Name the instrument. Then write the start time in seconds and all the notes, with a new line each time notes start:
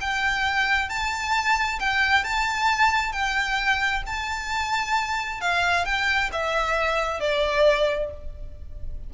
violin
0.00 G5
0.89 A5
1.79 G5
2.24 A5
3.12 G5
4.06 A5
5.41 F5
5.85 G5
6.32 E5
7.20 D5